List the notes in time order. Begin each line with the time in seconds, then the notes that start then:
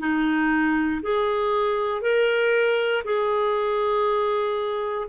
0.00 D#4
1.03 G#4
2.02 A#4
3.05 G#4